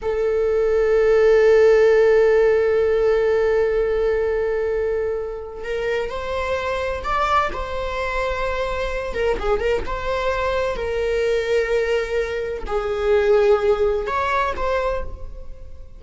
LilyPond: \new Staff \with { instrumentName = "viola" } { \time 4/4 \tempo 4 = 128 a'1~ | a'1~ | a'1 | ais'4 c''2 d''4 |
c''2.~ c''8 ais'8 | gis'8 ais'8 c''2 ais'4~ | ais'2. gis'4~ | gis'2 cis''4 c''4 | }